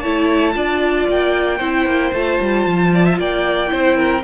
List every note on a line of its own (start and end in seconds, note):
0.00 0.56 A3
0.00 0.54 E4
0.00 0.53 C#5
0.00 1.05 A5
0.54 1.08 D4
0.54 1.59 F4
0.54 1.58 D5
1.08 1.61 A#3
1.08 2.14 G5
1.58 1.86 C4
1.58 2.14 E4
1.58 2.89 C5
1.86 2.12 A#3
2.13 2.39 A3
2.13 3.68 F4
2.13 3.20 A5
2.41 2.67 G3
2.67 3.19 F3
2.94 3.05 D5
3.05 3.19 E5
3.19 3.72 A#3
3.19 3.72 D5
3.19 4.24 G5
3.68 4.24 C4
3.68 4.20 E4
3.68 3.97 C5
3.97 4.24 A#4